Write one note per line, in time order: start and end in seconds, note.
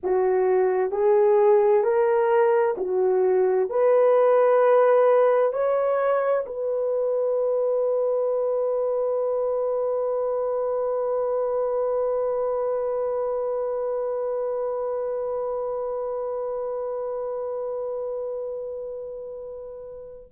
0.03 0.91 F#4
0.91 1.83 G#4
1.83 2.75 A#4
2.77 3.69 F#4
3.69 5.52 B4
5.52 6.44 C#5
6.46 20.30 B4